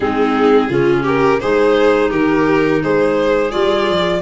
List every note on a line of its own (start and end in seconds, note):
0.00 0.69 G#3
0.00 0.70 C4
0.00 0.68 D#4
0.00 1.04 G#4
0.68 1.40 C#3
0.68 1.41 C#4
0.68 1.03 F4
1.03 1.38 G4
1.03 1.40 A#4
1.40 2.11 G#3
1.40 3.50 D#4
1.40 2.10 G#4
1.40 2.10 C5
2.10 2.81 D#3
2.10 2.80 G4
2.10 2.82 A#4
2.82 3.53 G#3
2.82 4.21 G#4
2.82 3.51 C5
3.50 3.89 G3
3.50 4.21 F4
3.50 4.21 D5
3.89 4.21 F3